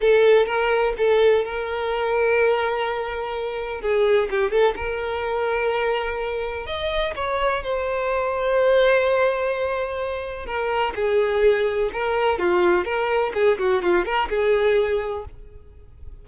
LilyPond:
\new Staff \with { instrumentName = "violin" } { \time 4/4 \tempo 4 = 126 a'4 ais'4 a'4 ais'4~ | ais'1 | gis'4 g'8 a'8 ais'2~ | ais'2 dis''4 cis''4 |
c''1~ | c''2 ais'4 gis'4~ | gis'4 ais'4 f'4 ais'4 | gis'8 fis'8 f'8 ais'8 gis'2 | }